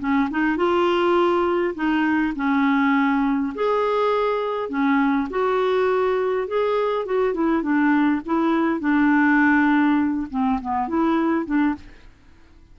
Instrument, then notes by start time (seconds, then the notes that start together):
clarinet
0.00 C#4
0.31 D#4
0.57 F4
1.75 D#4
2.36 C#4
3.55 G#4
4.70 C#4
5.30 F#4
6.48 G#4
7.06 F#4
7.34 E4
7.63 D4
8.26 E4
8.80 D4
10.31 C4
10.61 B3
10.89 E4
11.46 D4